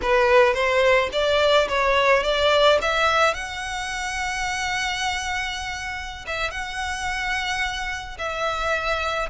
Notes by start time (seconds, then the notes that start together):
0.02 B4
0.54 C5
1.12 D5
1.68 C#5
2.23 D5
2.81 E5
3.33 F#5
6.27 E5
6.51 F#5
8.18 E5